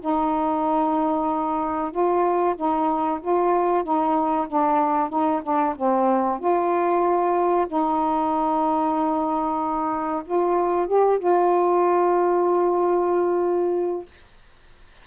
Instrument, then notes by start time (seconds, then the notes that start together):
saxophone
0.00 D#4
1.91 F4
2.56 D#4
3.21 F4
3.83 D#4
4.47 D4
5.09 D#4
5.42 D4
5.76 C4
6.39 F4
7.67 D#4
10.25 F4
10.87 G4
11.18 F4